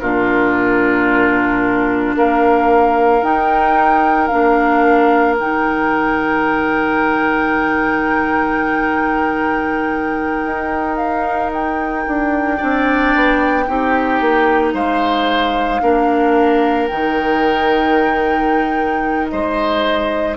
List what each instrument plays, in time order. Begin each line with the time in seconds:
0.00 bassoon A#2, clarinet D4, oboe F4, flute A#4
2.16 bassoon A#3, oboe A#4, flute F5
3.22 clarinet D#4, bassoon D#4, flute G5
4.27 bassoon A#3, clarinet D4, flute F5
5.39 bassoon D#3, clarinet D#4, flute G5
10.45 bassoon D#4
10.97 flute F5
11.53 flute G5
12.07 bassoon D4
12.57 bassoon C4, clarinet D4, oboe D5
13.15 bassoon B3
13.67 bassoon C4, clarinet D#4, oboe G4
14.21 bassoon A#3
14.74 bassoon G#3, oboe C5, flute F5
15.81 bassoon A#3, clarinet D4, oboe A#4
16.87 bassoon D#3, clarinet D#4, flute G5
19.29 bassoon G#3, oboe C5, flute D#5